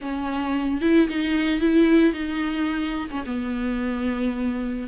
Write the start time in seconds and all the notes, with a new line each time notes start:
0.01 C#4
0.81 E4
1.09 D#4
1.60 E4
2.13 D#4
3.11 C#4
3.26 B3